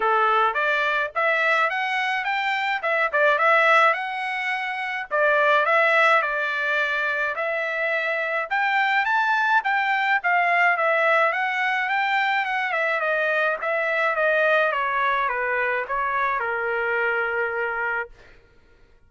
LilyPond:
\new Staff \with { instrumentName = "trumpet" } { \time 4/4 \tempo 4 = 106 a'4 d''4 e''4 fis''4 | g''4 e''8 d''8 e''4 fis''4~ | fis''4 d''4 e''4 d''4~ | d''4 e''2 g''4 |
a''4 g''4 f''4 e''4 | fis''4 g''4 fis''8 e''8 dis''4 | e''4 dis''4 cis''4 b'4 | cis''4 ais'2. | }